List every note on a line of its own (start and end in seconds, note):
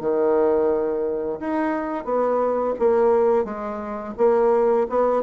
0.00 1.40 D#3
1.40 2.05 D#4
2.05 2.74 B3
2.79 3.45 A#3
3.45 4.14 G#3
4.17 4.87 A#3
4.90 5.23 B3